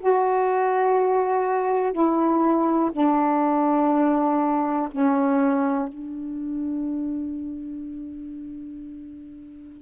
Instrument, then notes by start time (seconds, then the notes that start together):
saxophone
0.00 F#4
1.93 E4
2.92 D4
4.91 C#4
5.89 D4